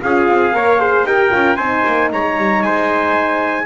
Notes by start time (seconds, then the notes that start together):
0.00 C#4 F4 G#4 F5
0.28 C4
0.52 A#3 A#4 C#5
0.79 G#4 C5
1.03 D#4 G4 A#4 G5
1.31 C#4 F4
1.56 C4 D#4 C5 G#5
1.86 A#3
2.12 G#3 C#5 A#5
2.37 G3
2.62 G#3 C5 G#5